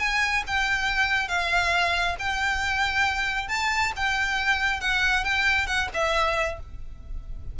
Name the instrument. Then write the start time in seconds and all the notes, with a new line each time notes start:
violin
0.00 G#5
0.47 G5
1.29 F5
2.19 G5
3.49 A5
3.97 G5
4.81 F#5
5.25 G5
5.67 F#5
5.94 E5